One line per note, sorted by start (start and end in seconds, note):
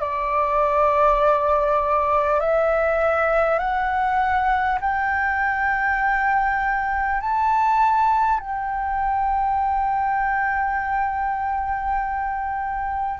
0.00 2.40 D5
2.41 3.59 E5
3.59 4.79 F#5
4.81 7.21 G5
7.21 8.40 A5
8.40 13.20 G5